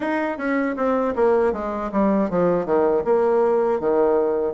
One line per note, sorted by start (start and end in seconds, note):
0.00 0.37 D#4
0.37 0.75 C#4
0.76 1.14 C4
1.15 1.53 A#3
1.53 1.91 G#3
1.92 2.30 G3
2.30 2.65 F3
2.65 3.03 D#3
3.04 3.80 A#3
3.80 4.53 D#3